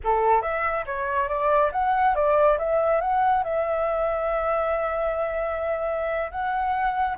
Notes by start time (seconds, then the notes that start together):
0.04 A4
0.42 E5
0.85 C#5
1.28 D5
1.72 F#5
2.15 D5
2.58 E5
3.00 F#5
3.43 E5
6.31 F#5